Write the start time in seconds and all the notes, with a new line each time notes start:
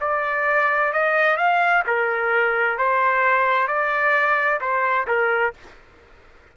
0.00 D5
0.92 D#5
1.36 F5
1.86 A#4
2.78 C5
3.67 D5
4.60 C5
5.07 A#4